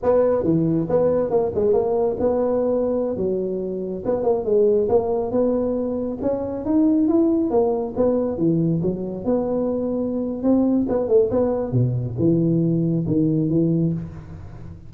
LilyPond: \new Staff \with { instrumentName = "tuba" } { \time 4/4 \tempo 4 = 138 b4 e4 b4 ais8 gis8 | ais4 b2~ b16 fis8.~ | fis4~ fis16 b8 ais8 gis4 ais8.~ | ais16 b2 cis'4 dis'8.~ |
dis'16 e'4 ais4 b4 e8.~ | e16 fis4 b2~ b8. | c'4 b8 a8 b4 b,4 | e2 dis4 e4 | }